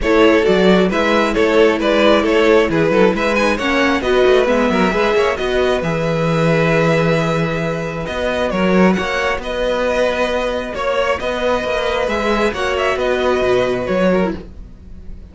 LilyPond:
<<
  \new Staff \with { instrumentName = "violin" } { \time 4/4 \tempo 4 = 134 cis''4 d''4 e''4 cis''4 | d''4 cis''4 b'4 e''8 gis''8 | fis''4 dis''4 e''2 | dis''4 e''2.~ |
e''2 dis''4 cis''4 | fis''4 dis''2. | cis''4 dis''2 e''4 | fis''8 e''8 dis''2 cis''4 | }
  \new Staff \with { instrumentName = "violin" } { \time 4/4 a'2 b'4 a'4 | b'4 a'4 gis'8 a'8 b'4 | cis''4 b'4. ais'8 b'8 cis''8 | b'1~ |
b'2. ais'4 | cis''4 b'2. | cis''4 b'2. | cis''4 b'2~ b'8 ais'8 | }
  \new Staff \with { instrumentName = "viola" } { \time 4/4 e'4 fis'4 e'2~ | e'2.~ e'8 dis'8 | cis'4 fis'4 b4 gis'4 | fis'4 gis'2.~ |
gis'2 fis'2~ | fis'1~ | fis'2. gis'4 | fis'2.~ fis'8. e'16 | }
  \new Staff \with { instrumentName = "cello" } { \time 4/4 a4 fis4 gis4 a4 | gis4 a4 e8 fis8 gis4 | ais4 b8 a8 gis8 fis8 gis8 ais8 | b4 e2.~ |
e2 b4 fis4 | ais4 b2. | ais4 b4 ais4 gis4 | ais4 b4 b,4 fis4 | }
>>